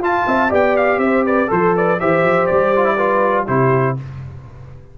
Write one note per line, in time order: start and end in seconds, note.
0.00 0.25 F4
0.00 0.50 F4
0.00 0.28 F5
0.00 0.53 A5
0.27 0.52 C4
0.27 0.51 E5
0.50 0.98 B3
0.50 1.48 G4
0.50 1.00 D5
0.50 0.77 G5
0.77 1.00 F5
0.98 1.48 C4
0.98 1.25 E5
1.04 1.26 C5
1.26 1.50 B4
1.26 1.52 D5
1.48 2.01 F3
1.48 1.98 A4
1.48 1.75 A4
1.48 1.77 C5
1.76 2.00 B4
1.76 2.00 D5
2.00 2.23 E3
2.00 2.75 G4
2.00 2.97 C5
2.00 2.46 E5
2.23 2.48 F3
2.46 3.49 G3
2.46 3.46 D5
2.76 2.85 F4
2.85 2.98 E4
2.97 3.47 F4
2.97 3.46 B4
3.46 3.98 C3
3.46 3.97 E4
3.46 3.96 G4
3.46 3.98 C5